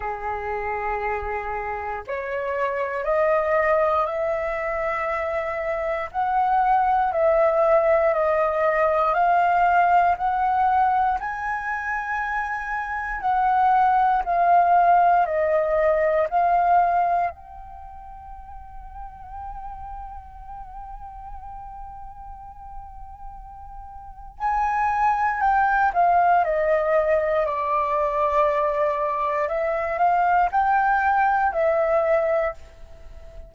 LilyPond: \new Staff \with { instrumentName = "flute" } { \time 4/4 \tempo 4 = 59 gis'2 cis''4 dis''4 | e''2 fis''4 e''4 | dis''4 f''4 fis''4 gis''4~ | gis''4 fis''4 f''4 dis''4 |
f''4 g''2.~ | g''1 | gis''4 g''8 f''8 dis''4 d''4~ | d''4 e''8 f''8 g''4 e''4 | }